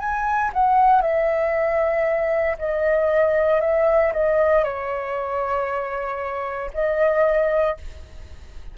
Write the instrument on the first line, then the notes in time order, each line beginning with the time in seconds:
flute
0.00 G#5
0.54 F#5
1.02 E5
2.59 D#5
3.61 E5
4.13 D#5
4.65 C#5
6.74 D#5